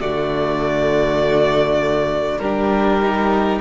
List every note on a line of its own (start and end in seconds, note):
0.00 2.40 D3
0.00 2.40 A3
0.00 2.40 F#4
0.00 2.39 D5
2.39 3.60 G3
2.39 3.02 D4
2.39 3.61 G4
2.39 3.59 A#4
3.02 3.61 D#4